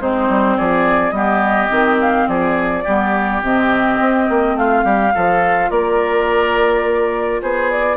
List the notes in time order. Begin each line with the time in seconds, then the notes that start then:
0.00 G#3 C4 D#4 C5
0.29 G3
0.57 F3 G#4 D5
1.10 G3 B3 G4 D#5
1.68 D#3 C4
2.00 F5
2.27 F3 G#4 D5
2.84 G3 B3 G4
3.42 C3 C4 D#5
4.00 C4
4.29 A#3
4.55 A3 F4 F5
4.84 G3 G4
5.11 F3 F4 A4
5.70 A#3 A#4 D5
7.42 B3 G#4 C5
7.70 D5